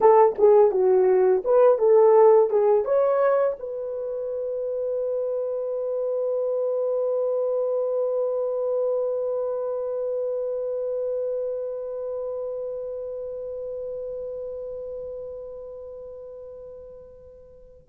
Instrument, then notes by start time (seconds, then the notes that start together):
horn
0.00 A4
0.38 G#4
0.71 F#4
1.44 B4
1.78 A4
2.50 G#4
2.84 C#5
3.59 B4